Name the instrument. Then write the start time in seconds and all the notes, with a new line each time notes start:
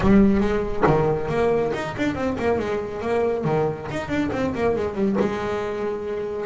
double bass
0.00 G3
0.40 G#3
0.86 D#3
1.28 A#3
1.74 D#4
1.97 D4
2.15 C4
2.38 A#3
2.58 G#3
3.01 A#3
3.44 D#3
3.90 D#4
4.08 D4
4.32 C4
4.54 A#3
4.75 G#3
4.94 G3
5.19 G#3